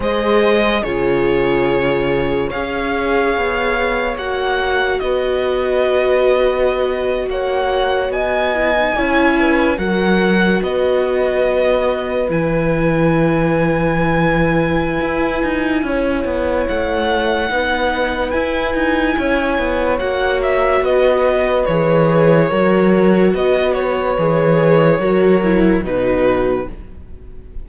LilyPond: <<
  \new Staff \with { instrumentName = "violin" } { \time 4/4 \tempo 4 = 72 dis''4 cis''2 f''4~ | f''4 fis''4 dis''2~ | dis''8. fis''4 gis''2 fis''16~ | fis''8. dis''2 gis''4~ gis''16~ |
gis''1 | fis''2 gis''2 | fis''8 e''8 dis''4 cis''2 | dis''8 cis''2~ cis''8 b'4 | }
  \new Staff \with { instrumentName = "horn" } { \time 4/4 c''4 gis'2 cis''4~ | cis''2 b'2~ | b'8. cis''4 dis''4 cis''8 b'8 ais'16~ | ais'8. b'2.~ b'16~ |
b'2. cis''4~ | cis''4 b'2 cis''4~ | cis''4 b'2 ais'4 | b'2 ais'4 fis'4 | }
  \new Staff \with { instrumentName = "viola" } { \time 4/4 gis'4 f'2 gis'4~ | gis'4 fis'2.~ | fis'2~ fis'16 e'16 dis'16 e'4 fis'16~ | fis'2~ fis'8. e'4~ e'16~ |
e'1~ | e'4 dis'4 e'2 | fis'2 gis'4 fis'4~ | fis'4 gis'4 fis'8 e'8 dis'4 | }
  \new Staff \with { instrumentName = "cello" } { \time 4/4 gis4 cis2 cis'4 | b4 ais4 b2~ | b8. ais4 b4 cis'4 fis16~ | fis8. b2 e4~ e16~ |
e2 e'8 dis'8 cis'8 b8 | a4 b4 e'8 dis'8 cis'8 b8 | ais4 b4 e4 fis4 | b4 e4 fis4 b,4 | }
>>